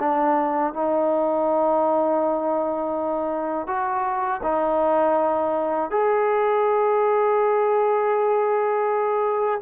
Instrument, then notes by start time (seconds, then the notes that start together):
trombone
0.00 D4
0.74 D#4
3.67 F#4
4.43 D#4
5.91 G#4